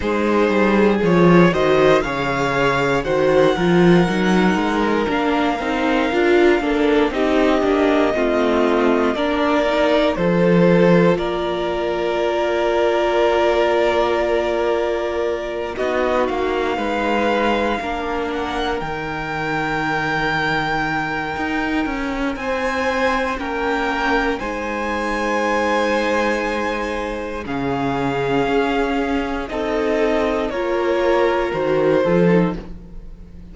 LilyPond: <<
  \new Staff \with { instrumentName = "violin" } { \time 4/4 \tempo 4 = 59 c''4 cis''8 dis''8 f''4 fis''4~ | fis''4 f''2 dis''4~ | dis''4 d''4 c''4 d''4~ | d''2.~ d''8 dis''8 |
f''2 fis''8 g''4.~ | g''2 gis''4 g''4 | gis''2. f''4~ | f''4 dis''4 cis''4 c''4 | }
  \new Staff \with { instrumentName = "violin" } { \time 4/4 gis'4. c''8 cis''4 c''8 ais'8~ | ais'2~ ais'8 a'8 g'4 | f'4 ais'4 a'4 ais'4~ | ais'2.~ ais'8 fis'8~ |
fis'8 b'4 ais'2~ ais'8~ | ais'2 c''4 ais'4 | c''2. gis'4~ | gis'4 a'4 ais'4. a'8 | }
  \new Staff \with { instrumentName = "viola" } { \time 4/4 dis'4 f'8 fis'8 gis'4 fis'8 f'8 | dis'4 d'8 dis'8 f'8 d'8 dis'8 d'8 | c'4 d'8 dis'8 f'2~ | f'2.~ f'8 dis'8~ |
dis'4. d'4 dis'4.~ | dis'2. cis'4 | dis'2. cis'4~ | cis'4 dis'4 f'4 fis'8 f'16 dis'16 | }
  \new Staff \with { instrumentName = "cello" } { \time 4/4 gis8 g8 f8 dis8 cis4 dis8 f8 | fis8 gis8 ais8 c'8 d'8 ais8 c'8 ais8 | a4 ais4 f4 ais4~ | ais2.~ ais8 b8 |
ais8 gis4 ais4 dis4.~ | dis4 dis'8 cis'8 c'4 ais4 | gis2. cis4 | cis'4 c'4 ais4 dis8 f8 | }
>>